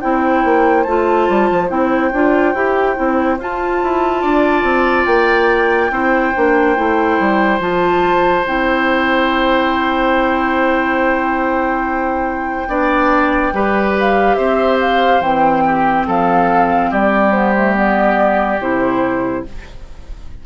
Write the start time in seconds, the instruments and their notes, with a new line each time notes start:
0.00 bassoon C4, clarinet E4, oboe C5, flute G5
0.44 bassoon A#3
0.83 bassoon A3, clarinet F4, flute A5
1.29 bassoon G3
1.51 bassoon F3
1.68 bassoon C4, clarinet E4, flute G5
2.13 bassoon D4, clarinet F4
2.54 bassoon E4, clarinet G4
2.96 bassoon C4, clarinet E4
3.39 bassoon F4, clarinet F4, flute A5
3.83 bassoon E4
4.22 bassoon D4, oboe D5
4.63 bassoon C4
5.06 bassoon A#3, flute G5
5.91 bassoon C4, clarinet E4, oboe C5
6.35 bassoon A#3, clarinet D4
6.76 bassoon A3, clarinet E4
7.20 bassoon G3
7.59 bassoon F3, clarinet F4, flute A5
8.47 bassoon C4, clarinet E4, flute G5
12.68 bassoon B3, clarinet D4, oboe D5
13.53 bassoon G3, clarinet G4, oboe B4
14.00 flute F5
14.35 bassoon C4, oboe C5, flute E5
14.80 flute F5
15.20 bassoon E3, clarinet C4, flute G5
15.66 oboe G4
16.07 bassoon F3, oboe A4, flute F5
16.90 bassoon G3, oboe G4, flute D5
17.32 clarinet B3, flute C5
17.56 clarinet A3
17.75 clarinet B3, flute D5
18.60 bassoon C3, clarinet E4, flute C5